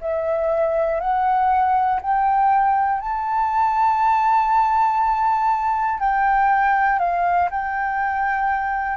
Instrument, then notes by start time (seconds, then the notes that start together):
flute
0.00 E5
1.00 F#5
2.01 G5
3.00 A5
6.00 G5
6.99 F5
7.50 G5